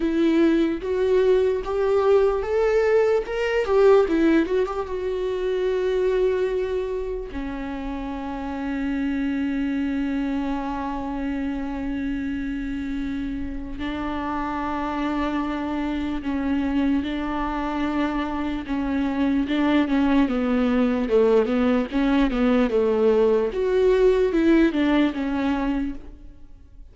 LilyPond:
\new Staff \with { instrumentName = "viola" } { \time 4/4 \tempo 4 = 74 e'4 fis'4 g'4 a'4 | ais'8 g'8 e'8 fis'16 g'16 fis'2~ | fis'4 cis'2.~ | cis'1~ |
cis'4 d'2. | cis'4 d'2 cis'4 | d'8 cis'8 b4 a8 b8 cis'8 b8 | a4 fis'4 e'8 d'8 cis'4 | }